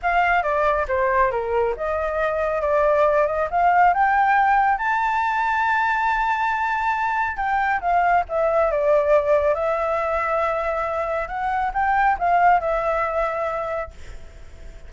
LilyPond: \new Staff \with { instrumentName = "flute" } { \time 4/4 \tempo 4 = 138 f''4 d''4 c''4 ais'4 | dis''2 d''4. dis''8 | f''4 g''2 a''4~ | a''1~ |
a''4 g''4 f''4 e''4 | d''2 e''2~ | e''2 fis''4 g''4 | f''4 e''2. | }